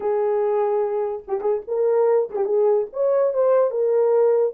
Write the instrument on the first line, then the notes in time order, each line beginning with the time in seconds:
horn
0.00 G#4
1.27 G4
1.41 G#4
1.67 A#4
2.30 G#4
2.36 G4
2.45 G#4
2.92 C#5
3.33 C5
3.70 A#4